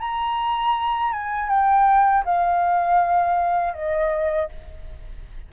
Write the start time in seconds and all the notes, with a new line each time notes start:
0.00 A#5
1.13 G#5
1.49 G5
2.25 F5
3.74 D#5